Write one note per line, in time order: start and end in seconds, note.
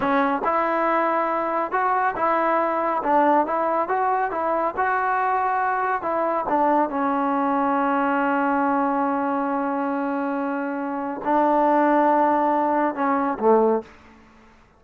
0.00 0.42 C#4
0.44 1.71 E4
1.71 2.14 F#4
2.16 3.02 E4
3.03 3.46 D4
3.46 3.88 E4
3.88 4.31 F#4
4.31 4.74 E4
4.76 6.02 F#4
6.02 6.45 E4
6.48 6.89 D4
6.89 11.21 C#4
11.24 12.94 D4
12.94 13.38 C#4
13.39 13.82 A3